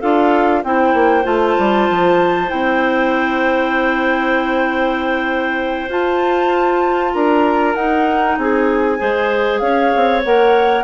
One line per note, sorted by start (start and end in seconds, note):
0.00 0.64 D4
0.00 0.64 F4
0.00 0.62 A4
0.00 0.63 F5
0.64 0.94 C4
0.64 1.24 E4
0.64 7.14 C5
0.64 1.26 G5
0.94 1.25 A#3
1.24 1.57 A3
1.24 2.47 F4
1.24 2.50 A5
1.58 1.89 G3
1.90 2.52 F3
2.48 5.89 C4
2.48 5.89 E4
2.48 5.90 G5
5.89 7.12 F4
5.89 7.76 F4
5.89 7.14 A5
7.14 7.75 D4
7.14 8.38 A#4
7.14 7.75 A#5
7.75 8.37 D#4
7.75 8.98 D#4
7.75 8.37 F#5
8.38 8.99 C4
8.38 8.98 G#4
8.38 9.59 G#5
8.98 9.61 G#3
8.98 10.22 G#4
8.98 9.60 C5
9.59 9.92 C#4
9.59 10.84 C#5
9.59 10.21 F5
9.96 10.25 C4
10.24 10.84 A#3
10.24 10.84 A#4
10.24 10.84 F#5